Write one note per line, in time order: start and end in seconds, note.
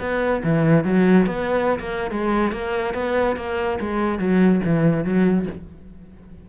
0.00 0.42 B3
0.44 0.85 E3
0.85 1.26 F#3
1.26 1.79 B3
1.79 2.11 A#3
2.11 2.52 G#3
2.52 2.94 A#3
2.94 3.36 B3
3.36 3.79 A#3
3.80 4.19 G#3
4.19 4.61 F#3
4.65 5.04 E3
5.04 5.46 F#3